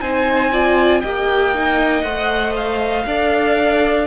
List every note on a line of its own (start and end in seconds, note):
0.00 1.02 C4
0.00 0.52 D#4
0.00 0.51 C5
0.00 1.00 G#5
0.52 1.03 F4
0.52 1.01 D5
1.00 2.03 A#3
1.00 1.54 G4
1.00 3.04 D#5
1.00 2.01 G5
1.54 2.03 D#4
2.01 3.04 A3
2.01 3.05 C5
2.01 2.52 F#5
2.56 4.07 F5
3.05 4.07 D4
3.05 4.07 A4
3.05 4.07 D5